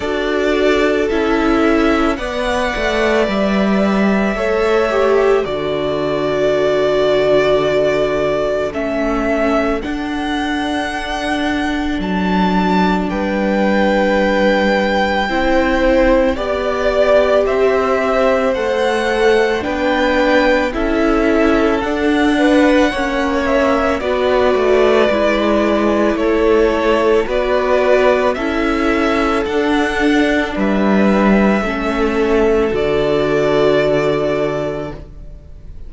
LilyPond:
<<
  \new Staff \with { instrumentName = "violin" } { \time 4/4 \tempo 4 = 55 d''4 e''4 fis''4 e''4~ | e''4 d''2. | e''4 fis''2 a''4 | g''2. d''4 |
e''4 fis''4 g''4 e''4 | fis''4. e''8 d''2 | cis''4 d''4 e''4 fis''4 | e''2 d''2 | }
  \new Staff \with { instrumentName = "violin" } { \time 4/4 a'2 d''2 | cis''4 a'2.~ | a'1 | b'2 c''4 d''4 |
c''2 b'4 a'4~ | a'8 b'8 cis''4 b'2 | a'4 b'4 a'2 | b'4 a'2. | }
  \new Staff \with { instrumentName = "viola" } { \time 4/4 fis'4 e'4 b'2 | a'8 g'8 fis'2. | cis'4 d'2.~ | d'2 e'4 g'4~ |
g'4 a'4 d'4 e'4 | d'4 cis'4 fis'4 e'4~ | e'4 fis'4 e'4 d'4~ | d'4 cis'4 fis'2 | }
  \new Staff \with { instrumentName = "cello" } { \time 4/4 d'4 cis'4 b8 a8 g4 | a4 d2. | a4 d'2 fis4 | g2 c'4 b4 |
c'4 a4 b4 cis'4 | d'4 ais4 b8 a8 gis4 | a4 b4 cis'4 d'4 | g4 a4 d2 | }
>>